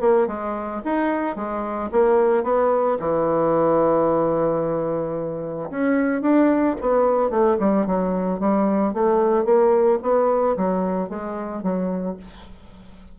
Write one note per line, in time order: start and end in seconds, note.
0.00 0.27 A#3
0.27 0.81 G#3
0.85 1.35 D#4
1.35 1.89 G#3
1.91 2.43 A#3
2.43 2.97 B3
2.99 5.70 E3
5.70 6.21 C#4
6.21 6.75 D4
6.81 7.29 B3
7.29 7.57 A3
7.59 7.86 G3
7.86 8.39 F#3
8.39 8.93 G3
8.93 9.44 A3
9.44 9.99 A#3
10.02 10.56 B3
10.56 11.09 F#3
11.09 11.62 G#3
11.62 12.16 F#3